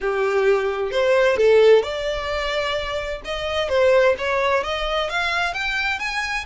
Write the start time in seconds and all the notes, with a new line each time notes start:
0.00 G4
0.91 C5
1.37 A4
1.83 D5
3.24 D#5
3.68 C5
4.17 C#5
4.63 D#5
5.09 F5
5.53 G5
5.99 G#5